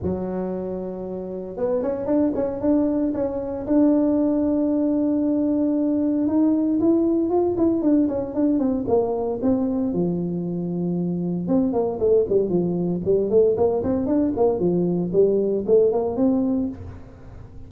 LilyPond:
\new Staff \with { instrumentName = "tuba" } { \time 4/4 \tempo 4 = 115 fis2. b8 cis'8 | d'8 cis'8 d'4 cis'4 d'4~ | d'1 | dis'4 e'4 f'8 e'8 d'8 cis'8 |
d'8 c'8 ais4 c'4 f4~ | f2 c'8 ais8 a8 g8 | f4 g8 a8 ais8 c'8 d'8 ais8 | f4 g4 a8 ais8 c'4 | }